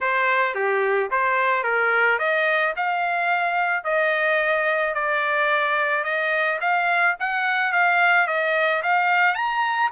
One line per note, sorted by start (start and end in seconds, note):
0.00 0.54 C5
0.54 1.09 G4
1.10 1.63 C5
1.63 2.18 A#4
2.19 2.74 D#5
2.76 3.84 F5
3.84 4.94 D#5
4.94 6.04 D5
6.04 6.59 D#5
6.61 7.16 F5
7.19 7.72 F#5
7.72 8.27 F5
8.27 8.82 D#5
8.82 9.35 F5
9.35 9.90 A#5